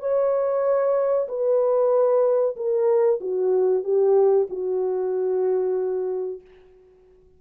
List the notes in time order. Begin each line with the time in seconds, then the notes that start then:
0.00 C#5
1.28 B4
2.56 A#4
3.21 F#4
3.84 G4
4.50 F#4